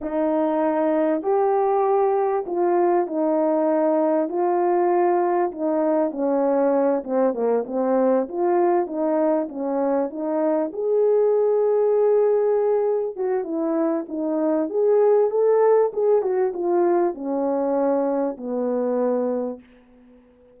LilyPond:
\new Staff \with { instrumentName = "horn" } { \time 4/4 \tempo 4 = 98 dis'2 g'2 | f'4 dis'2 f'4~ | f'4 dis'4 cis'4. c'8 | ais8 c'4 f'4 dis'4 cis'8~ |
cis'8 dis'4 gis'2~ gis'8~ | gis'4. fis'8 e'4 dis'4 | gis'4 a'4 gis'8 fis'8 f'4 | cis'2 b2 | }